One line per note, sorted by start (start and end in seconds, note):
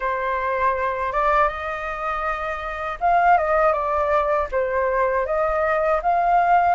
0.00 1.12 C5
1.12 1.48 D5
1.48 2.98 D#5
3.00 3.38 F5
3.38 3.72 D#5
3.72 4.47 D5
4.51 5.25 C5
5.25 6.00 D#5
6.02 6.74 F5